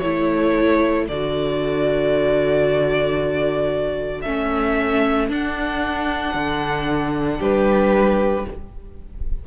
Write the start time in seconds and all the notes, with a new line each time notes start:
0.00 A3 E4 A4 C#5
1.09 D3 F#4 D5
4.22 A3 C#4 E5
5.30 D4 F#5
6.35 D3
7.39 G3 G4 B4